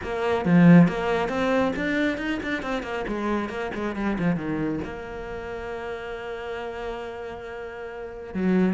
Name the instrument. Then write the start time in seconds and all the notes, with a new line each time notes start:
cello
0.03 A#3
0.45 F3
0.88 A#3
1.28 C4
1.76 D4
2.17 D#4
2.42 D4
2.62 C4
2.82 A#3
3.07 G#3
3.49 A#3
3.74 G#3
3.95 G3
4.18 F3
4.36 D#3
4.84 A#3
8.34 F#3